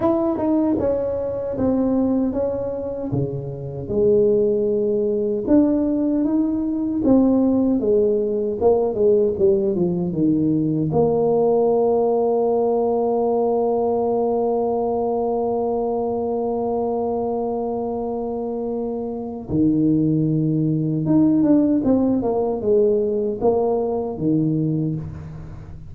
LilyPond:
\new Staff \with { instrumentName = "tuba" } { \time 4/4 \tempo 4 = 77 e'8 dis'8 cis'4 c'4 cis'4 | cis4 gis2 d'4 | dis'4 c'4 gis4 ais8 gis8 | g8 f8 dis4 ais2~ |
ais1~ | ais1~ | ais4 dis2 dis'8 d'8 | c'8 ais8 gis4 ais4 dis4 | }